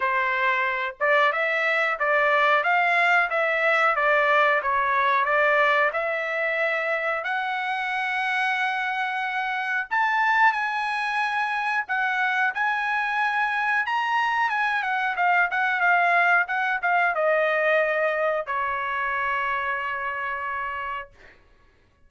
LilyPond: \new Staff \with { instrumentName = "trumpet" } { \time 4/4 \tempo 4 = 91 c''4. d''8 e''4 d''4 | f''4 e''4 d''4 cis''4 | d''4 e''2 fis''4~ | fis''2. a''4 |
gis''2 fis''4 gis''4~ | gis''4 ais''4 gis''8 fis''8 f''8 fis''8 | f''4 fis''8 f''8 dis''2 | cis''1 | }